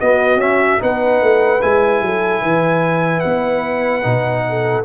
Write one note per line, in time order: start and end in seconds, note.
0.00 0.39 B3
0.00 0.36 B3
0.00 0.82 F#4
0.00 0.40 D#5
0.36 0.77 C#4
0.36 0.79 C#4
0.36 0.81 E5
0.79 1.22 B3
0.79 1.60 D#4
0.79 2.04 B4
0.79 1.62 F#5
1.22 1.62 A3
1.62 2.01 G#3
1.62 4.03 E4
1.62 3.20 G#5
2.01 2.42 F#3
2.01 2.42 A4
2.42 3.23 E3
2.42 4.44 B4
3.20 4.05 B3
3.20 4.82 F#5
4.03 4.84 B2
4.03 4.84 D#4
4.49 4.84 A4